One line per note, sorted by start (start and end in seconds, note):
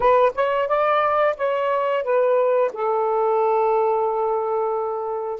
0.00 0.32 B4
0.34 0.67 C#5
0.67 1.35 D5
1.36 2.03 C#5
2.03 2.71 B4
2.73 5.40 A4